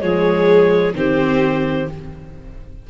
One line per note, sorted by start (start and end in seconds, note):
0.00 0.93 F3
0.00 0.92 G#3
0.00 0.93 G#4
0.00 0.92 C#5
0.93 1.85 D#3
0.93 1.87 C4
0.93 1.89 G4
0.93 1.88 C5